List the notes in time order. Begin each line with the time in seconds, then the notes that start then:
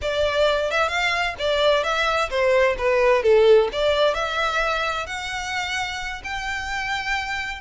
0.01 D5
0.70 E5
0.88 F5
1.38 D5
1.83 E5
2.30 C5
2.78 B4
3.22 A4
3.72 D5
4.14 E5
5.06 F#5
6.24 G5